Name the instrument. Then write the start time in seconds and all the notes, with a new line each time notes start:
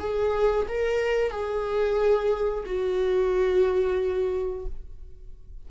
viola
0.00 G#4
0.69 A#4
1.31 G#4
2.66 F#4